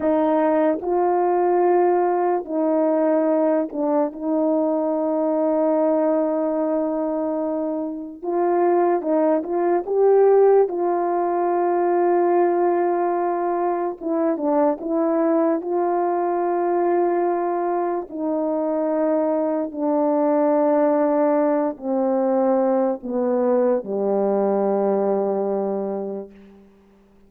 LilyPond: \new Staff \with { instrumentName = "horn" } { \time 4/4 \tempo 4 = 73 dis'4 f'2 dis'4~ | dis'8 d'8 dis'2.~ | dis'2 f'4 dis'8 f'8 | g'4 f'2.~ |
f'4 e'8 d'8 e'4 f'4~ | f'2 dis'2 | d'2~ d'8 c'4. | b4 g2. | }